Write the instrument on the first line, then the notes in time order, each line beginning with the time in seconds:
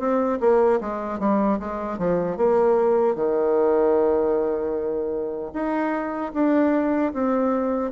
bassoon
0.00 C4
0.41 A#3
0.81 G#3
1.20 G3
1.60 G#3
1.99 F3
2.38 A#3
3.16 D#3
5.54 D#4
6.34 D4
7.14 C4